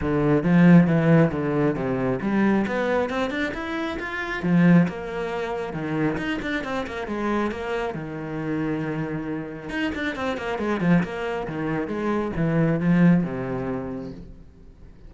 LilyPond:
\new Staff \with { instrumentName = "cello" } { \time 4/4 \tempo 4 = 136 d4 f4 e4 d4 | c4 g4 b4 c'8 d'8 | e'4 f'4 f4 ais4~ | ais4 dis4 dis'8 d'8 c'8 ais8 |
gis4 ais4 dis2~ | dis2 dis'8 d'8 c'8 ais8 | gis8 f8 ais4 dis4 gis4 | e4 f4 c2 | }